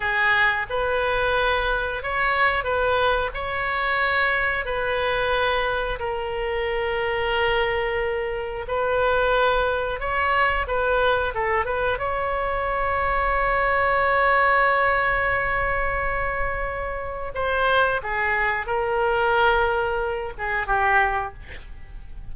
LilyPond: \new Staff \with { instrumentName = "oboe" } { \time 4/4 \tempo 4 = 90 gis'4 b'2 cis''4 | b'4 cis''2 b'4~ | b'4 ais'2.~ | ais'4 b'2 cis''4 |
b'4 a'8 b'8 cis''2~ | cis''1~ | cis''2 c''4 gis'4 | ais'2~ ais'8 gis'8 g'4 | }